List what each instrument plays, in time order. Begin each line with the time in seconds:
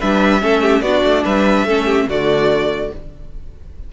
0.00 cello G3, viola D4, violin B4 E5
0.41 cello A3, viola C#4, violin A4
0.61 violin G4
0.81 cello B3, viola D4, violin F#4 D5
1.04 cello A3
1.24 cello G3, violin B4 E5
1.64 cello A3, viola C#4, violin A4
1.86 violin G4
2.07 cello D3, viola A3, violin F#4 D5